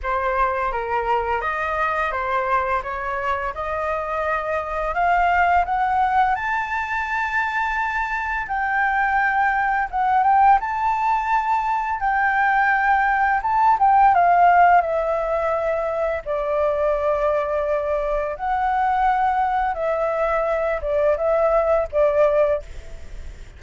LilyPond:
\new Staff \with { instrumentName = "flute" } { \time 4/4 \tempo 4 = 85 c''4 ais'4 dis''4 c''4 | cis''4 dis''2 f''4 | fis''4 a''2. | g''2 fis''8 g''8 a''4~ |
a''4 g''2 a''8 g''8 | f''4 e''2 d''4~ | d''2 fis''2 | e''4. d''8 e''4 d''4 | }